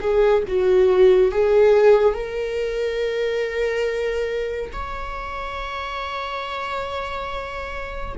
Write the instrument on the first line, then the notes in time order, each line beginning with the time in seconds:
viola
0.00 G#4
0.48 F#4
1.31 G#4
2.14 A#4
4.73 C#5